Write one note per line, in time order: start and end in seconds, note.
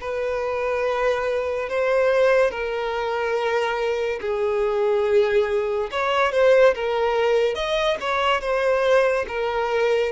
0.00 1.69 B4
1.69 2.50 C5
2.50 4.19 A#4
4.21 5.90 G#4
5.91 6.32 C#5
6.32 6.74 C5
6.75 7.54 A#4
7.54 7.97 D#5
8.01 8.40 C#5
8.40 9.25 C5
9.28 10.12 A#4